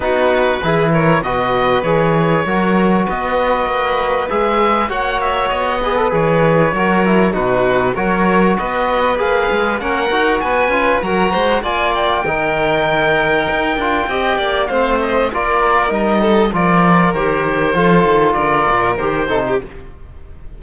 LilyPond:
<<
  \new Staff \with { instrumentName = "oboe" } { \time 4/4 \tempo 4 = 98 b'4. cis''8 dis''4 cis''4~ | cis''4 dis''2 e''4 | fis''8 e''8 dis''4 cis''2 | b'4 cis''4 dis''4 f''4 |
fis''4 gis''4 ais''4 gis''8 g''8~ | g''1 | f''8 dis''8 d''4 dis''4 d''4 | c''2 d''4 c''4 | }
  \new Staff \with { instrumentName = "violin" } { \time 4/4 fis'4 gis'8 ais'8 b'2 | ais'4 b'2. | cis''4. b'4. ais'4 | fis'4 ais'4 b'2 |
ais'4 b'4 ais'8 c''8 d''4 | ais'2. dis''8 d''8 | c''4 ais'4. a'8 ais'4~ | ais'4 a'4 ais'4. a'16 g'16 | }
  \new Staff \with { instrumentName = "trombone" } { \time 4/4 dis'4 e'4 fis'4 gis'4 | fis'2. gis'4 | fis'4. gis'16 a'16 gis'4 fis'8 e'8 | dis'4 fis'2 gis'4 |
cis'8 fis'4 f'8 fis'4 f'4 | dis'2~ dis'8 f'8 g'4 | c'4 f'4 dis'4 f'4 | g'4 f'2 g'8 dis'8 | }
  \new Staff \with { instrumentName = "cello" } { \time 4/4 b4 e4 b,4 e4 | fis4 b4 ais4 gis4 | ais4 b4 e4 fis4 | b,4 fis4 b4 ais8 gis8 |
ais8 dis'8 b8 cis'8 fis8 gis8 ais4 | dis2 dis'8 d'8 c'8 ais8 | a4 ais4 g4 f4 | dis4 f8 dis8 d8 ais,8 dis8 c8 | }
>>